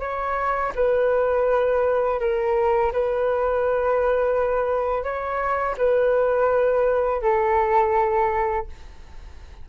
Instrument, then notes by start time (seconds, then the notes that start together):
flute
0.00 C#5
0.75 B4
2.20 A#4
2.92 B4
5.03 C#5
5.78 B4
7.22 A4